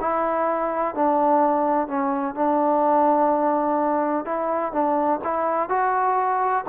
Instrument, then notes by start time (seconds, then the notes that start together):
trombone
0.00 E4
0.94 D4
1.87 C#4
2.34 D4
4.25 E4
4.72 D4
5.24 E4
5.69 F#4